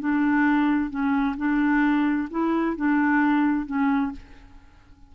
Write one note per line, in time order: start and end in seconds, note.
0.00 0.90 D4
0.90 1.36 C#4
1.37 2.29 D4
2.31 2.76 E4
2.76 3.66 D4
3.66 4.12 C#4